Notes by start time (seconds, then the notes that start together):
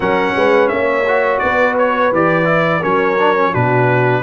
0.00 F#3 C#4 A#4 F#5
0.35 G#3 B4
0.68 A#3 C#5 E5
1.07 F#4
1.39 B3 B4 D5
1.78 C#5
2.11 E3 G4 D5
2.45 E4
2.81 F#3 C#4 A#4 C#5
3.18 D4
3.35 C#4
3.51 B2 D4 F#4 B4